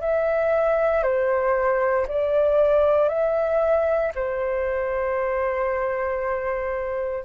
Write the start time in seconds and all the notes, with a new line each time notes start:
0.00 E5
1.03 C5
2.08 D5
3.08 E5
4.15 C5